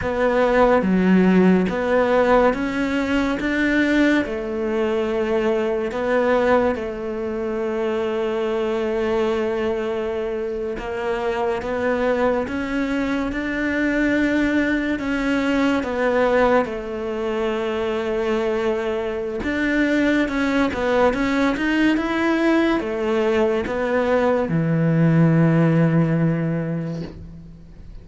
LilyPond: \new Staff \with { instrumentName = "cello" } { \time 4/4 \tempo 4 = 71 b4 fis4 b4 cis'4 | d'4 a2 b4 | a1~ | a8. ais4 b4 cis'4 d'16~ |
d'4.~ d'16 cis'4 b4 a16~ | a2. d'4 | cis'8 b8 cis'8 dis'8 e'4 a4 | b4 e2. | }